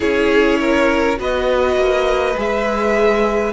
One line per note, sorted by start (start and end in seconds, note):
0.00 1.18 C#4
0.00 1.17 E4
0.00 0.59 G#4
0.00 1.18 C#5
0.60 1.18 A#4
1.17 1.76 B3
1.17 2.35 F#4
1.17 3.53 B4
1.17 2.39 D#5
1.76 2.35 A#3
2.36 3.53 G#3
2.36 3.53 G#4
2.36 3.53 E5